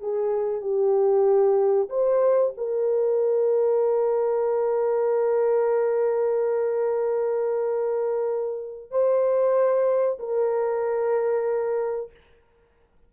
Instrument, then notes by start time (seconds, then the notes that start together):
horn
0.00 G#4
0.61 G4
1.89 C5
2.57 A#4
8.90 C5
10.19 A#4